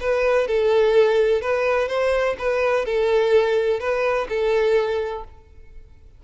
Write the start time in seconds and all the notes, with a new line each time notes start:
0.00 B4
0.47 A4
1.41 B4
1.88 C5
2.38 B4
2.85 A4
3.79 B4
4.29 A4